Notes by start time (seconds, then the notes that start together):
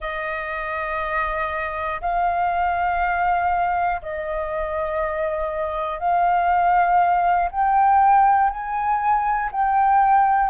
0.00 D#5
2.01 F5
4.02 D#5
5.99 F5
7.51 G5
8.50 G#5
9.51 G5